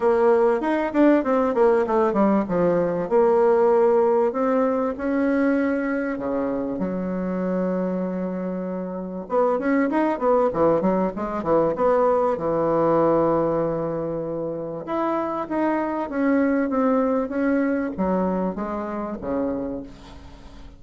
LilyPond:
\new Staff \with { instrumentName = "bassoon" } { \time 4/4 \tempo 4 = 97 ais4 dis'8 d'8 c'8 ais8 a8 g8 | f4 ais2 c'4 | cis'2 cis4 fis4~ | fis2. b8 cis'8 |
dis'8 b8 e8 fis8 gis8 e8 b4 | e1 | e'4 dis'4 cis'4 c'4 | cis'4 fis4 gis4 cis4 | }